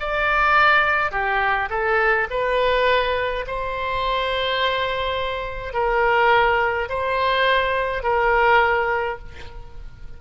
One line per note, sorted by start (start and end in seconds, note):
0.00 1.12 D5
1.12 1.69 G4
1.70 2.28 A4
2.30 3.46 B4
3.47 5.74 C5
5.74 6.89 A#4
6.89 8.03 C5
8.03 9.19 A#4